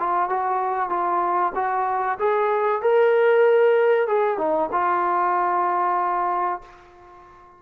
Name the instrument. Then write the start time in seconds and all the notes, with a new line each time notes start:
trombone
0.00 F4
0.30 F#4
0.90 F4
1.56 F#4
2.20 G#4
2.82 A#4
4.08 G#4
4.38 D#4
4.72 F4